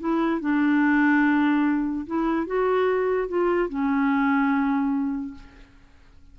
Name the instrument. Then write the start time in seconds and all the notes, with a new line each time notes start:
clarinet
0.00 E4
0.41 D4
2.07 E4
2.47 F#4
3.29 F4
3.69 C#4